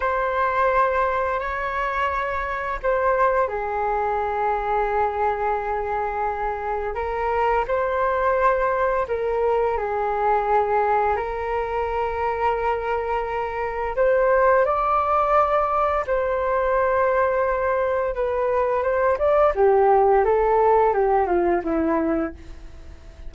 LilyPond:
\new Staff \with { instrumentName = "flute" } { \time 4/4 \tempo 4 = 86 c''2 cis''2 | c''4 gis'2.~ | gis'2 ais'4 c''4~ | c''4 ais'4 gis'2 |
ais'1 | c''4 d''2 c''4~ | c''2 b'4 c''8 d''8 | g'4 a'4 g'8 f'8 e'4 | }